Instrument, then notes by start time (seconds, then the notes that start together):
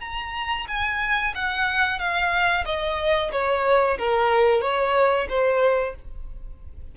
violin
0.00 A#5
0.68 G#5
1.35 F#5
1.99 F5
2.66 D#5
3.32 C#5
3.98 A#4
4.61 C#5
5.29 C5